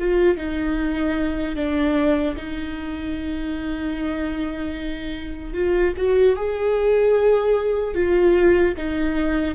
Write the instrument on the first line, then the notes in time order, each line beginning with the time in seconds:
viola
0.00 F4
0.37 D#4
1.56 D4
2.37 D#4
5.54 F4
5.97 F#4
6.36 G#4
7.95 F4
8.77 D#4